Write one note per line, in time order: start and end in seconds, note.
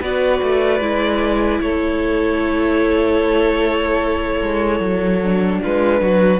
0.00 0.41 B3
0.00 0.81 F#4
0.00 1.60 B4
0.00 1.61 D5
0.42 0.80 A3
0.80 1.60 G#3
0.80 5.21 E4
1.61 4.41 A3
1.61 5.61 A4
1.61 5.61 C#5
4.42 4.80 G#3
4.80 5.60 F#3
5.23 6.40 D4
5.61 6.01 G#3
5.61 6.01 F4
5.61 6.40 B4
6.01 6.40 F#3
6.01 6.40 F#4